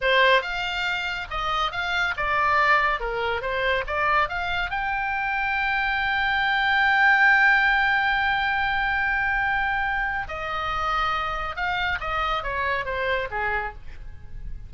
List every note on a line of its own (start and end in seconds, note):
0.01 0.41 C5
0.41 1.27 F5
1.30 1.71 D#5
1.71 2.14 F5
2.16 3.00 D5
3.00 3.41 A#4
3.41 3.84 C5
3.86 4.29 D5
4.29 4.70 F5
4.70 10.27 G5
10.28 11.56 D#5
11.56 11.98 F5
12.00 12.43 D#5
12.43 12.85 C#5
12.85 13.28 C5
13.30 13.73 G#4